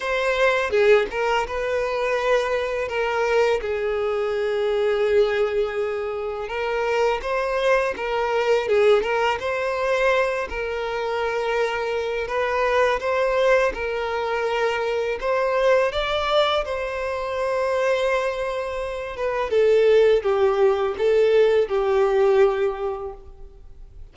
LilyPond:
\new Staff \with { instrumentName = "violin" } { \time 4/4 \tempo 4 = 83 c''4 gis'8 ais'8 b'2 | ais'4 gis'2.~ | gis'4 ais'4 c''4 ais'4 | gis'8 ais'8 c''4. ais'4.~ |
ais'4 b'4 c''4 ais'4~ | ais'4 c''4 d''4 c''4~ | c''2~ c''8 b'8 a'4 | g'4 a'4 g'2 | }